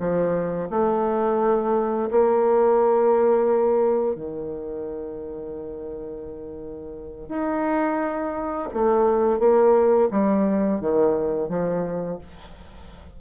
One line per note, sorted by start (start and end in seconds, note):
0.00 0.70 F3
0.70 2.10 A3
2.11 4.15 A#3
4.15 7.29 D#3
7.29 8.69 D#4
8.73 9.40 A3
9.40 10.09 A#3
10.11 10.81 G3
10.81 11.49 D#3
11.49 12.19 F3